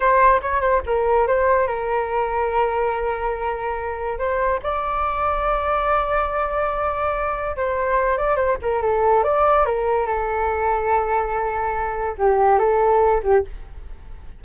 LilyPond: \new Staff \with { instrumentName = "flute" } { \time 4/4 \tempo 4 = 143 c''4 cis''8 c''8 ais'4 c''4 | ais'1~ | ais'2 c''4 d''4~ | d''1~ |
d''2 c''4. d''8 | c''8 ais'8 a'4 d''4 ais'4 | a'1~ | a'4 g'4 a'4. g'8 | }